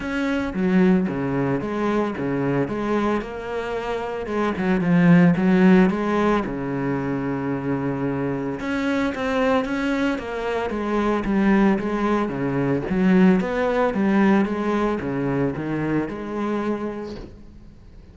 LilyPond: \new Staff \with { instrumentName = "cello" } { \time 4/4 \tempo 4 = 112 cis'4 fis4 cis4 gis4 | cis4 gis4 ais2 | gis8 fis8 f4 fis4 gis4 | cis1 |
cis'4 c'4 cis'4 ais4 | gis4 g4 gis4 cis4 | fis4 b4 g4 gis4 | cis4 dis4 gis2 | }